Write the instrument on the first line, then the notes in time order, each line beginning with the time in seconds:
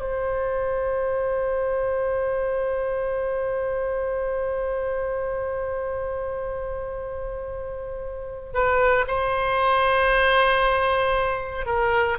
oboe
0.00 C5
8.53 B4
9.07 C5
11.66 A#4